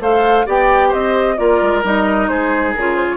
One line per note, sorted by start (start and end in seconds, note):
0.00 0.45 A3
0.00 0.46 A4
0.00 0.46 C5
0.00 0.48 F5
0.46 0.93 B3
0.46 1.37 G4
0.46 0.89 D5
0.46 0.93 G5
0.89 1.39 C4
0.89 1.34 C5
0.89 1.38 D#5
1.37 1.62 A#3
1.37 1.83 F4
1.37 2.30 A#4
1.37 1.84 D5
1.62 1.84 G#3
1.84 2.29 G3
1.84 2.75 D#4
1.84 2.28 D#5
2.28 2.75 G#3
2.28 3.17 G#4
2.28 2.73 C5
2.74 3.17 C#3
2.74 3.17 F4
2.74 2.96 A#4
2.96 3.07 C5
3.10 3.17 C#5